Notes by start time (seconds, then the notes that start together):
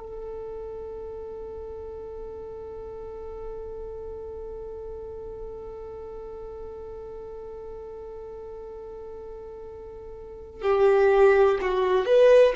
0.00 A4
10.62 G4
11.62 F#4
12.06 B4